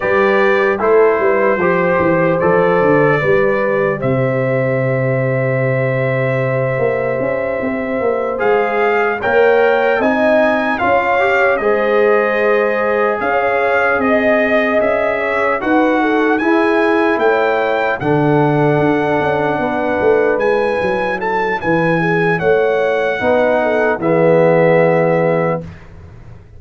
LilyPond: <<
  \new Staff \with { instrumentName = "trumpet" } { \time 4/4 \tempo 4 = 75 d''4 c''2 d''4~ | d''4 e''2.~ | e''2~ e''8 f''4 g''8~ | g''8 gis''4 f''4 dis''4.~ |
dis''8 f''4 dis''4 e''4 fis''8~ | fis''8 gis''4 g''4 fis''4.~ | fis''4. gis''4 a''8 gis''4 | fis''2 e''2 | }
  \new Staff \with { instrumentName = "horn" } { \time 4/4 b'4 a'8 b'8 c''2 | b'4 c''2.~ | c''2.~ c''8 cis''8~ | cis''8 dis''4 cis''4 c''4.~ |
c''8 cis''4 dis''4. cis''8 b'8 | a'8 gis'4 cis''4 a'4.~ | a'8 b'2 a'8 b'8 gis'8 | cis''4 b'8 a'8 gis'2 | }
  \new Staff \with { instrumentName = "trombone" } { \time 4/4 g'4 e'4 g'4 a'4 | g'1~ | g'2~ g'8 gis'4 ais'8~ | ais'8 dis'4 f'8 g'8 gis'4.~ |
gis'2.~ gis'8 fis'8~ | fis'8 e'2 d'4.~ | d'4. e'2~ e'8~ | e'4 dis'4 b2 | }
  \new Staff \with { instrumentName = "tuba" } { \time 4/4 g4 a8 g8 f8 e8 f8 d8 | g4 c2.~ | c8 ais8 cis'8 c'8 ais8 gis4 ais8~ | ais8 c'4 cis'4 gis4.~ |
gis8 cis'4 c'4 cis'4 dis'8~ | dis'8 e'4 a4 d4 d'8 | cis'8 b8 a8 gis8 fis4 e4 | a4 b4 e2 | }
>>